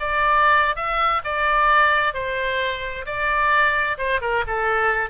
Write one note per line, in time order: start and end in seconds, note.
0.00 0.76 D5
0.76 1.22 E5
1.24 2.14 D5
2.14 3.05 C5
3.06 3.98 D5
3.98 4.21 C5
4.21 4.44 A#4
4.47 5.10 A4